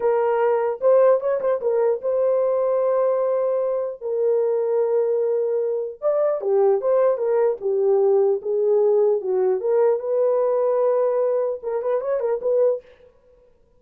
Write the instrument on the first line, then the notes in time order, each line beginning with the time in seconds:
horn
0.00 A#4
0.80 C5
1.20 C#5
1.40 C5
1.61 A#4
2.01 C5
4.01 A#4
6.01 D5
6.41 G4
6.81 C5
7.17 A#4
7.61 G4
8.41 G#4
9.21 F#4
9.60 A#4
9.99 B4
11.63 A#4
11.81 B4
12.00 C#5
12.20 A#4
12.41 B4